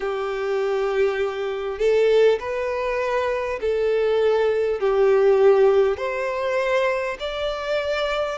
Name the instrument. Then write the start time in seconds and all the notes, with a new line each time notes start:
violin
0.00 G4
1.78 A4
2.39 B4
3.61 A4
4.80 G4
5.97 C5
7.19 D5